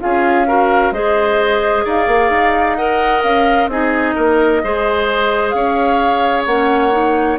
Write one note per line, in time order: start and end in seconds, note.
0.00 0.92 C#4
0.00 0.46 F4
0.00 0.48 G#4
0.00 0.93 F5
0.48 0.94 F#4
0.48 0.94 A#4
0.92 1.84 G#3
0.92 2.78 G#4
0.92 1.85 C5
0.92 1.85 D#5
1.85 2.08 D#4
1.85 2.77 D5
1.85 2.76 F5
2.08 2.30 A#3
2.30 3.22 D#4
2.76 3.70 A#4
2.76 3.70 D#5
2.76 3.22 F#5
3.23 3.68 C#4
3.23 3.69 F5
3.68 4.14 C4
3.68 4.63 D#4
3.68 4.15 G#4
3.68 5.50 D#5
4.15 4.63 A#3
4.15 4.62 A#4
4.64 5.54 G#3
4.64 6.48 G#4
4.64 5.56 C5
5.50 6.46 C#4
5.50 7.40 C#5
5.50 6.43 F5
6.46 7.39 A#3
6.46 6.92 C#4
6.46 7.38 F#5
6.92 7.38 D#4